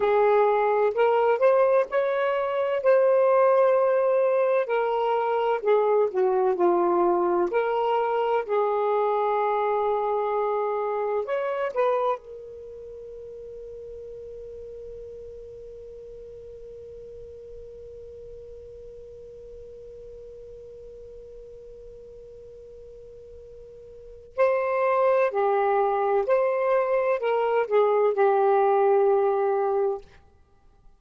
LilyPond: \new Staff \with { instrumentName = "saxophone" } { \time 4/4 \tempo 4 = 64 gis'4 ais'8 c''8 cis''4 c''4~ | c''4 ais'4 gis'8 fis'8 f'4 | ais'4 gis'2. | cis''8 b'8 ais'2.~ |
ais'1~ | ais'1~ | ais'2 c''4 g'4 | c''4 ais'8 gis'8 g'2 | }